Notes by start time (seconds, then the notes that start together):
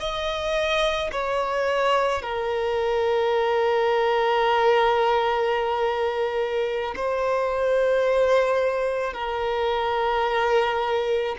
0.00 D#5
1.12 C#5
2.22 A#4
6.96 C5
9.14 A#4